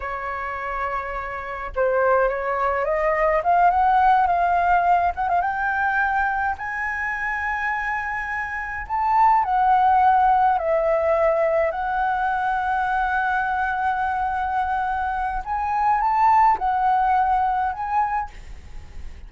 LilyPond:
\new Staff \with { instrumentName = "flute" } { \time 4/4 \tempo 4 = 105 cis''2. c''4 | cis''4 dis''4 f''8 fis''4 f''8~ | f''4 fis''16 f''16 g''2 gis''8~ | gis''2.~ gis''8 a''8~ |
a''8 fis''2 e''4.~ | e''8 fis''2.~ fis''8~ | fis''2. gis''4 | a''4 fis''2 gis''4 | }